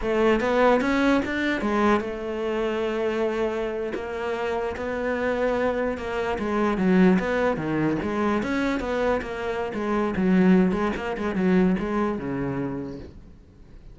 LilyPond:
\new Staff \with { instrumentName = "cello" } { \time 4/4 \tempo 4 = 148 a4 b4 cis'4 d'4 | gis4 a2.~ | a4.~ a16 ais2 b16~ | b2~ b8. ais4 gis16~ |
gis8. fis4 b4 dis4 gis16~ | gis8. cis'4 b4 ais4~ ais16 | gis4 fis4. gis8 ais8 gis8 | fis4 gis4 cis2 | }